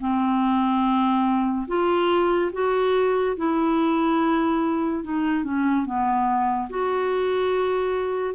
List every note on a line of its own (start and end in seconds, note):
0.00 1.67 C4
1.67 2.51 F4
2.53 3.36 F#4
3.37 5.03 E4
5.04 5.44 D#4
5.44 5.86 C#4
5.86 6.69 B3
6.69 8.34 F#4